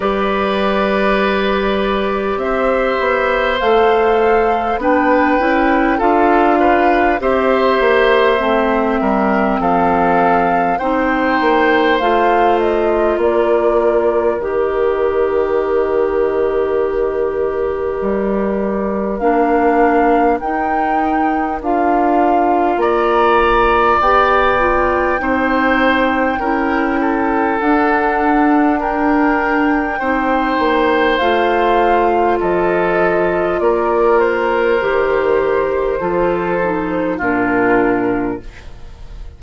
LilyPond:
<<
  \new Staff \with { instrumentName = "flute" } { \time 4/4 \tempo 4 = 50 d''2 e''4 f''4 | g''4 f''4 e''2 | f''4 g''4 f''8 dis''8 d''4 | dis''1 |
f''4 g''4 f''4 ais''4 | g''2. fis''4 | g''2 f''4 dis''4 | d''8 c''2~ c''8 ais'4 | }
  \new Staff \with { instrumentName = "oboe" } { \time 4/4 b'2 c''2 | b'4 a'8 b'8 c''4. ais'8 | a'4 c''2 ais'4~ | ais'1~ |
ais'2. d''4~ | d''4 c''4 ais'8 a'4. | ais'4 c''2 a'4 | ais'2 a'4 f'4 | }
  \new Staff \with { instrumentName = "clarinet" } { \time 4/4 g'2. a'4 | d'8 e'8 f'4 g'4 c'4~ | c'4 dis'4 f'2 | g'1 |
d'4 dis'4 f'2 | g'8 f'8 dis'4 e'4 d'4~ | d'4 dis'4 f'2~ | f'4 g'4 f'8 dis'8 d'4 | }
  \new Staff \with { instrumentName = "bassoon" } { \time 4/4 g2 c'8 b8 a4 | b8 cis'8 d'4 c'8 ais8 a8 g8 | f4 c'8 ais8 a4 ais4 | dis2. g4 |
ais4 dis'4 d'4 ais4 | b4 c'4 cis'4 d'4~ | d'4 c'8 ais8 a4 f4 | ais4 dis4 f4 ais,4 | }
>>